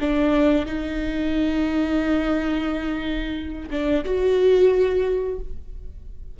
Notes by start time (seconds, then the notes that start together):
0.00 D4
0.66 D#4
3.70 D4
4.04 F#4